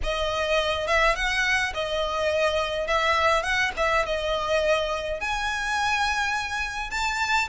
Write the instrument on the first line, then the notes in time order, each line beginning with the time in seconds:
violin
0.03 D#5
0.87 E5
1.15 F#5
1.74 D#5
2.87 E5
3.42 F#5
3.76 E5
4.05 D#5
5.20 G#5
6.90 A5